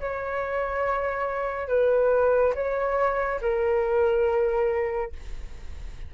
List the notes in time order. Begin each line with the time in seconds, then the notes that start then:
0.00 C#5
1.68 B4
2.55 C#5
3.41 A#4